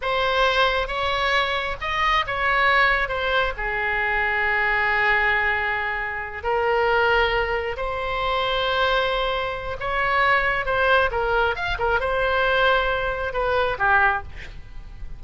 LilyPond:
\new Staff \with { instrumentName = "oboe" } { \time 4/4 \tempo 4 = 135 c''2 cis''2 | dis''4 cis''2 c''4 | gis'1~ | gis'2~ gis'8 ais'4.~ |
ais'4. c''2~ c''8~ | c''2 cis''2 | c''4 ais'4 f''8 ais'8 c''4~ | c''2 b'4 g'4 | }